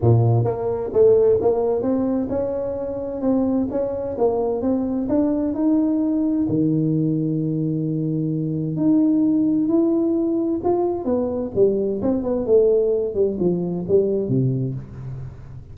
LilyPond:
\new Staff \with { instrumentName = "tuba" } { \time 4/4 \tempo 4 = 130 ais,4 ais4 a4 ais4 | c'4 cis'2 c'4 | cis'4 ais4 c'4 d'4 | dis'2 dis2~ |
dis2. dis'4~ | dis'4 e'2 f'4 | b4 g4 c'8 b8 a4~ | a8 g8 f4 g4 c4 | }